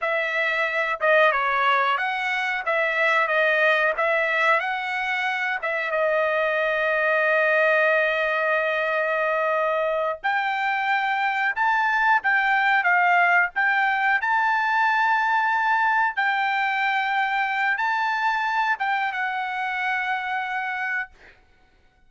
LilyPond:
\new Staff \with { instrumentName = "trumpet" } { \time 4/4 \tempo 4 = 91 e''4. dis''8 cis''4 fis''4 | e''4 dis''4 e''4 fis''4~ | fis''8 e''8 dis''2.~ | dis''2.~ dis''8 g''8~ |
g''4. a''4 g''4 f''8~ | f''8 g''4 a''2~ a''8~ | a''8 g''2~ g''8 a''4~ | a''8 g''8 fis''2. | }